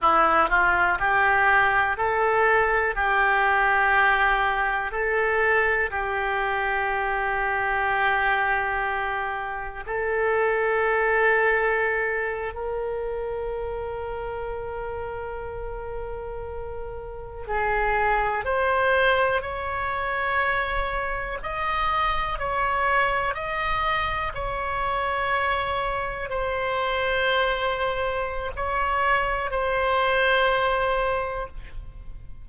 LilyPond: \new Staff \with { instrumentName = "oboe" } { \time 4/4 \tempo 4 = 61 e'8 f'8 g'4 a'4 g'4~ | g'4 a'4 g'2~ | g'2 a'2~ | a'8. ais'2.~ ais'16~ |
ais'4.~ ais'16 gis'4 c''4 cis''16~ | cis''4.~ cis''16 dis''4 cis''4 dis''16~ | dis''8. cis''2 c''4~ c''16~ | c''4 cis''4 c''2 | }